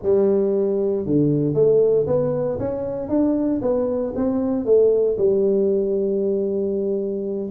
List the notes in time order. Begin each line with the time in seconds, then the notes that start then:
0.02 G3
1.06 D3
1.54 A3
2.07 B3
2.59 C#4
3.08 D4
3.61 B3
4.15 C4
4.65 A3
5.17 G3